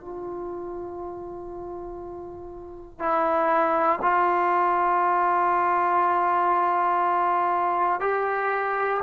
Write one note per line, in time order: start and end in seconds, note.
0.00 2.99 F4
2.99 3.99 E4
4.02 8.00 F4
8.00 9.00 G4